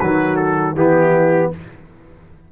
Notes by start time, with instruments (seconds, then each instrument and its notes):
0.00 tuba D#3, trombone F#3, horn F#4, trumpet B4
0.37 trumpet A4
0.75 tuba E3, trombone B3, horn E4, trumpet G4